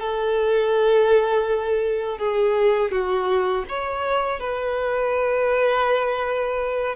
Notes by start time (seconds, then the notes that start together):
0.00 A4
2.18 G#4
2.92 F#4
3.69 C#5
4.40 B4